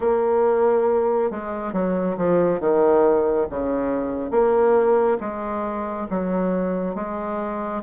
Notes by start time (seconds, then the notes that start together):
0.00 A#3
1.30 G#3
1.72 F#3
2.17 F3
2.60 D#3
3.49 C#3
4.30 A#3
5.20 G#3
6.09 F#3
6.95 G#3